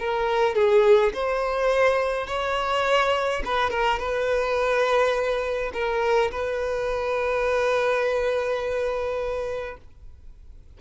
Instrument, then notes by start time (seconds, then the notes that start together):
violin
0.00 A#4
0.55 G#4
1.14 C5
2.28 C#5
3.45 B4
3.71 A#4
3.99 B4
5.74 A#4
6.32 B4